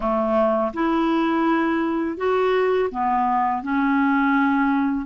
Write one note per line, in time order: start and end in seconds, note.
0.00 0.72 A3
0.73 2.17 E4
2.17 2.89 F#4
2.90 3.62 B3
3.62 5.05 C#4